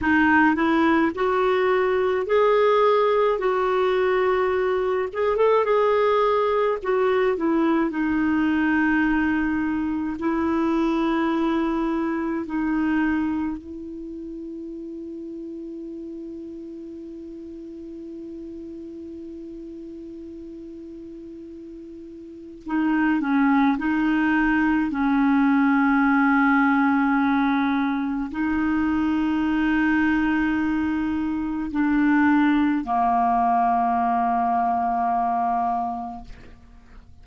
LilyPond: \new Staff \with { instrumentName = "clarinet" } { \time 4/4 \tempo 4 = 53 dis'8 e'8 fis'4 gis'4 fis'4~ | fis'8 gis'16 a'16 gis'4 fis'8 e'8 dis'4~ | dis'4 e'2 dis'4 | e'1~ |
e'1 | dis'8 cis'8 dis'4 cis'2~ | cis'4 dis'2. | d'4 ais2. | }